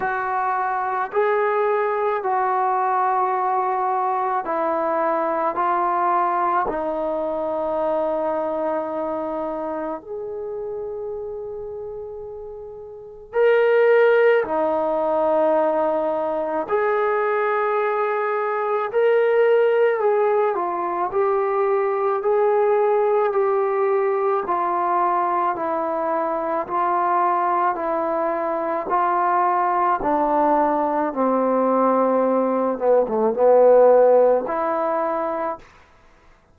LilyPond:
\new Staff \with { instrumentName = "trombone" } { \time 4/4 \tempo 4 = 54 fis'4 gis'4 fis'2 | e'4 f'4 dis'2~ | dis'4 gis'2. | ais'4 dis'2 gis'4~ |
gis'4 ais'4 gis'8 f'8 g'4 | gis'4 g'4 f'4 e'4 | f'4 e'4 f'4 d'4 | c'4. b16 a16 b4 e'4 | }